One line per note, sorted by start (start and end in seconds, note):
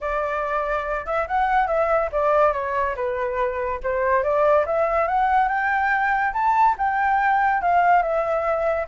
0.00 1.06 D5
1.06 1.27 E5
1.27 1.67 F#5
1.67 2.09 E5
2.12 2.52 D5
2.52 2.95 C#5
2.95 3.80 B4
3.83 4.23 C5
4.23 4.65 D5
4.66 5.07 E5
5.07 5.48 F#5
5.48 6.33 G5
6.33 6.75 A5
6.78 7.61 G5
7.61 8.02 F5
8.02 8.87 E5